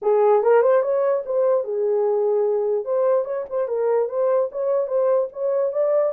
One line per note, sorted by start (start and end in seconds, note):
0.01 0.42 G#4
0.42 0.62 A#4
0.62 0.82 C5
0.82 1.23 C#5
1.25 1.64 C5
1.64 2.84 G#4
2.84 3.24 C5
3.24 3.45 C#5
3.49 3.67 C5
3.67 4.08 A#4
4.08 4.49 C5
4.51 4.87 C#5
4.87 5.28 C5
5.32 5.72 C#5
5.72 6.13 D5